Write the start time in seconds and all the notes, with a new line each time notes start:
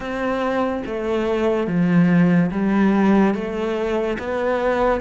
0.00 C4
0.86 A3
1.67 F3
2.51 G3
3.34 A3
4.19 B3